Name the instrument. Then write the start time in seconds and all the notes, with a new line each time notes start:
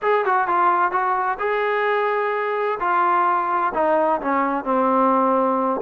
trombone
0.01 G#4
0.25 F#4
0.47 F4
0.91 F#4
1.39 G#4
2.79 F4
3.74 D#4
4.21 C#4
4.64 C4